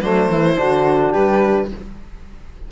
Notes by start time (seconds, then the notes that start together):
0.00 F#3 A3 D4 C5
0.29 E3 E4
0.56 D3 D4 F#4
1.12 G3 G4 B4